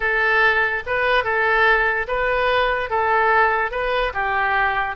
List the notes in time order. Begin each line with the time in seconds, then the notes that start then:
0.00 A4
0.86 B4
1.24 A4
2.07 B4
2.90 A4
3.71 B4
4.13 G4